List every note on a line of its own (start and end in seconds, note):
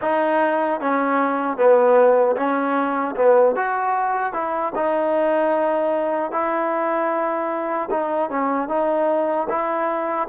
0.01 0.80 D#4
0.80 1.57 C#4
1.57 2.36 B3
2.36 3.15 C#4
3.16 3.55 B3
3.55 4.33 F#4
4.33 4.72 E4
4.75 6.31 D#4
6.31 7.89 E4
7.90 8.29 D#4
8.30 8.68 C#4
8.68 9.47 D#4
9.49 10.28 E4